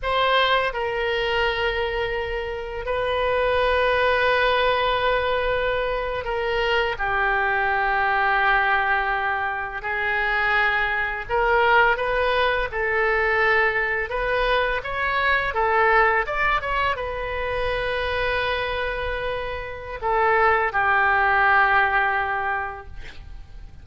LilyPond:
\new Staff \with { instrumentName = "oboe" } { \time 4/4 \tempo 4 = 84 c''4 ais'2. | b'1~ | b'8. ais'4 g'2~ g'16~ | g'4.~ g'16 gis'2 ais'16~ |
ais'8. b'4 a'2 b'16~ | b'8. cis''4 a'4 d''8 cis''8 b'16~ | b'1 | a'4 g'2. | }